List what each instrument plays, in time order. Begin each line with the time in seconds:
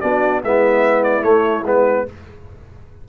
0.00 tuba B3, trombone D4, horn F#4, trumpet D5
0.43 tuba G#3, trombone B3, horn E4, trumpet E5
1.03 trumpet D5
1.22 trombone A3, tuba A3, trumpet C#5
1.63 tuba G#3, trombone B3, trumpet B4